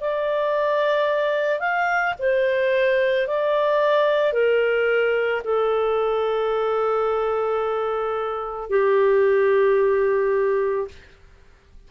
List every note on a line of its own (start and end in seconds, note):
0.00 1.59 D5
1.59 2.14 F5
2.19 3.27 C5
3.27 4.32 D5
4.32 5.41 A#4
5.43 8.69 A4
8.69 10.87 G4